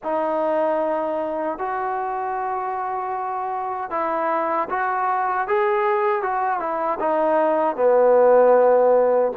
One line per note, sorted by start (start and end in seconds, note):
0.03 1.58 D#4
1.58 3.90 F#4
3.90 4.68 E4
4.69 5.47 F#4
5.47 6.22 G#4
6.22 6.59 F#4
6.59 6.98 E4
6.99 7.76 D#4
7.76 9.32 B3